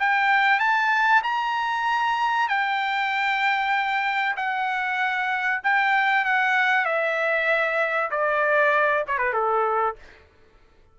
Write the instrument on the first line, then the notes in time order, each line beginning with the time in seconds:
trumpet
0.00 G5
0.60 A5
1.24 A#5
2.49 G5
4.36 F#5
5.64 G5
6.25 F#5
6.86 E5
8.11 D5
9.07 C#5
9.18 B4
9.33 A4